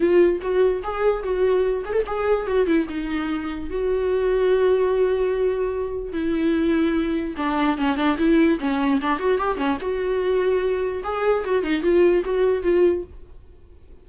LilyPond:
\new Staff \with { instrumentName = "viola" } { \time 4/4 \tempo 4 = 147 f'4 fis'4 gis'4 fis'4~ | fis'8 gis'16 a'16 gis'4 fis'8 e'8 dis'4~ | dis'4 fis'2.~ | fis'2. e'4~ |
e'2 d'4 cis'8 d'8 | e'4 cis'4 d'8 fis'8 g'8 cis'8 | fis'2. gis'4 | fis'8 dis'8 f'4 fis'4 f'4 | }